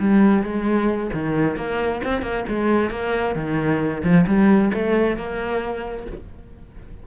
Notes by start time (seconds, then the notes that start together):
0.00 G3
0.44 G#3
1.14 D#3
1.57 A#3
2.04 C4
2.22 A#3
2.49 G#3
2.91 A#3
3.36 D#3
4.04 F3
4.27 G3
4.74 A3
5.17 A#3